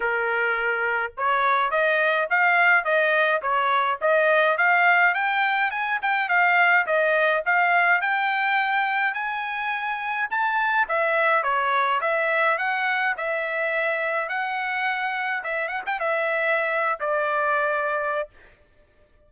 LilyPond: \new Staff \with { instrumentName = "trumpet" } { \time 4/4 \tempo 4 = 105 ais'2 cis''4 dis''4 | f''4 dis''4 cis''4 dis''4 | f''4 g''4 gis''8 g''8 f''4 | dis''4 f''4 g''2 |
gis''2 a''4 e''4 | cis''4 e''4 fis''4 e''4~ | e''4 fis''2 e''8 fis''16 g''16 | e''4.~ e''16 d''2~ d''16 | }